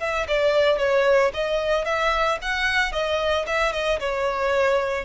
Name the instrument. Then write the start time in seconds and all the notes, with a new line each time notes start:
violin
0.00 E5
0.28 D5
0.78 C#5
1.34 D#5
1.85 E5
2.42 F#5
2.92 D#5
3.47 E5
3.73 D#5
4.00 C#5